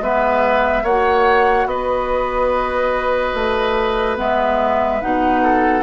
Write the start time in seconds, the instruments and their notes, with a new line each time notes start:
0.00 bassoon G#3, clarinet B3, oboe B4, flute E5
0.83 bassoon A#3, clarinet F#4, oboe C#5, flute F#5
1.66 bassoon B3, oboe B4, flute D#5
3.34 bassoon A3
4.17 bassoon G#3, clarinet B3, flute E5
5.01 bassoon B2, clarinet D#4, flute F#5
5.42 oboe A4